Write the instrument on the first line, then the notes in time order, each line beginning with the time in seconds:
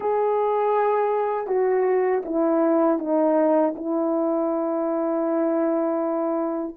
horn
0.00 G#4
1.47 F#4
2.25 E4
2.99 D#4
3.75 E4